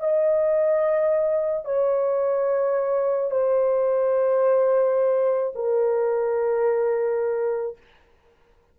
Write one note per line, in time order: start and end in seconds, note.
0.00 1.65 D#5
1.65 3.31 C#5
3.31 5.53 C5
5.55 7.77 A#4